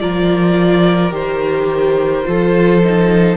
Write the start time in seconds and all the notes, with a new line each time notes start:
0.00 F3 F4 A#4 D5
1.11 D#3 G4 C5
2.24 F3 F4 A4
2.84 D#4